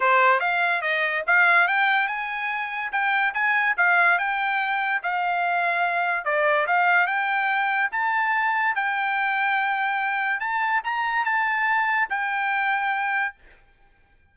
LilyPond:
\new Staff \with { instrumentName = "trumpet" } { \time 4/4 \tempo 4 = 144 c''4 f''4 dis''4 f''4 | g''4 gis''2 g''4 | gis''4 f''4 g''2 | f''2. d''4 |
f''4 g''2 a''4~ | a''4 g''2.~ | g''4 a''4 ais''4 a''4~ | a''4 g''2. | }